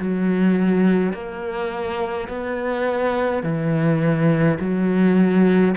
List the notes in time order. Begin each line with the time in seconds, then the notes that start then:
0.00 F#3
1.14 A#3
2.29 B3
3.44 E3
4.60 F#3